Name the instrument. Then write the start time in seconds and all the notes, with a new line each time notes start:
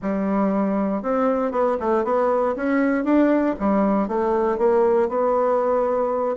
bassoon
0.02 G3
1.02 C4
1.51 B3
1.80 A3
2.04 B3
2.55 C#4
3.04 D4
3.59 G3
4.08 A3
4.58 A#3
5.08 B3